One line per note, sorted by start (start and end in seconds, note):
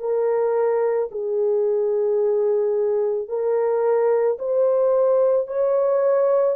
0.00 1.09 A#4
1.12 3.29 G#4
3.29 4.38 A#4
4.39 5.47 C5
5.47 6.57 C#5